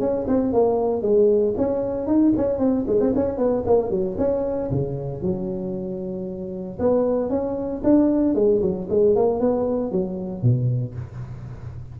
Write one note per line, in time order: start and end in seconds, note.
0.00 0.26 C#4
0.28 0.53 C4
0.53 1.02 A#3
1.02 1.54 G#3
1.57 2.07 C#4
2.07 2.33 D#4
2.36 2.58 C#4
2.58 2.85 C4
2.87 3.00 G#3
3.00 3.13 C4
3.15 3.38 C#4
3.38 3.64 B3
3.66 3.90 A#3
3.90 4.16 F#3
4.18 4.70 C#4
4.71 5.22 C#3
5.22 6.78 F#3
6.79 7.29 B3
7.29 7.82 C#4
7.83 8.35 D4
8.35 8.61 G#3
8.61 8.87 F#3
8.90 9.16 G#3
9.16 9.40 A#3
9.40 9.92 B3
9.92 10.43 F#3
10.43 10.95 B2